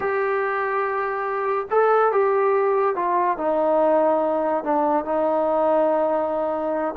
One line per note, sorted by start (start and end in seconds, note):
0.00 1.66 G4
1.70 2.11 A4
2.11 2.95 G4
2.95 3.37 F4
3.37 4.64 D#4
4.64 5.04 D4
5.04 6.94 D#4